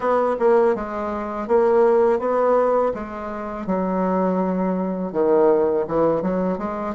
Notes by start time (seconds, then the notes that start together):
0.00 B3
0.39 A#3
0.75 G#3
1.47 A#3
2.19 B3
2.93 G#3
3.66 F#3
5.12 D#3
5.87 E3
6.22 F#3
6.58 G#3